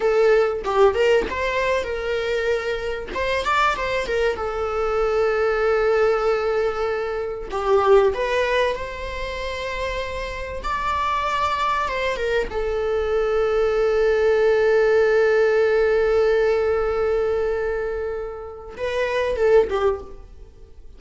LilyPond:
\new Staff \with { instrumentName = "viola" } { \time 4/4 \tempo 4 = 96 a'4 g'8 ais'8 c''4 ais'4~ | ais'4 c''8 d''8 c''8 ais'8 a'4~ | a'1 | g'4 b'4 c''2~ |
c''4 d''2 c''8 ais'8 | a'1~ | a'1~ | a'2 b'4 a'8 g'8 | }